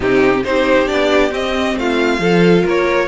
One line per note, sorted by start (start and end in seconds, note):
0.00 0.42 C3
0.00 0.43 C4
0.00 0.41 D#4
0.00 0.43 G4
0.43 0.90 C4
0.43 0.86 D#4
0.43 1.79 G4
0.43 0.87 C5
0.86 1.31 B3
0.86 1.30 D4
0.86 1.31 D5
1.31 1.75 C4
1.31 2.19 C4
1.31 1.78 D#5
1.76 2.18 A3
1.76 2.20 F4
1.76 2.66 F5
2.18 2.62 F3
2.18 3.08 F4
2.18 2.64 A4
2.64 3.08 A#3
2.64 3.08 A#4
2.64 3.08 C#5